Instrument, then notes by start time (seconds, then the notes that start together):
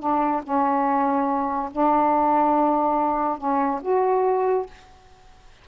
saxophone
0.00 D4
0.44 C#4
1.72 D4
3.38 C#4
3.82 F#4